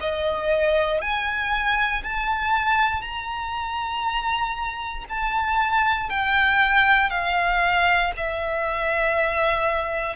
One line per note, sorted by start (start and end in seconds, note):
0.00 1.01 D#5
1.01 2.02 G#5
2.03 3.01 A5
3.01 5.04 A#5
5.09 6.09 A5
6.09 7.10 G5
7.10 8.11 F5
8.16 10.16 E5